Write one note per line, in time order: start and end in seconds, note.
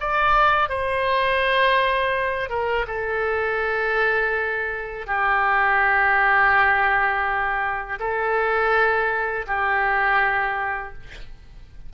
0.00 0.69 D5
0.69 2.49 C5
2.49 2.86 A#4
2.87 5.07 A4
5.07 7.99 G4
8.00 9.46 A4
9.47 10.94 G4